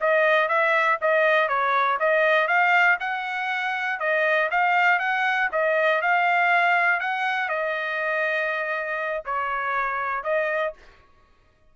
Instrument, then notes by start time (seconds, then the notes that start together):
trumpet
0.00 D#5
0.48 E5
1.01 D#5
1.48 C#5
1.99 D#5
2.47 F5
3.00 F#5
3.99 D#5
4.50 F5
4.99 F#5
5.52 D#5
6.01 F5
7.00 F#5
7.48 D#5
9.25 C#5
10.23 D#5